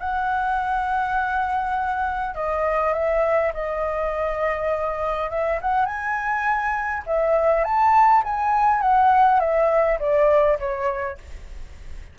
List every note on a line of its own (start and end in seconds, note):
0.00 2.35 F#5
2.35 2.93 D#5
2.93 3.52 E5
3.53 5.30 D#5
5.30 5.59 E5
5.61 5.85 F#5
5.85 7.03 G#5
7.06 7.64 E5
7.64 8.23 A5
8.24 8.81 G#5
8.81 9.40 F#5
9.40 9.98 E5
9.99 10.58 D5
10.59 11.18 C#5